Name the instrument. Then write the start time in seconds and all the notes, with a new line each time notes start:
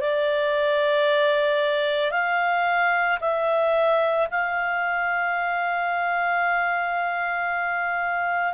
clarinet
0.00 D5
2.11 F5
3.20 E5
4.31 F5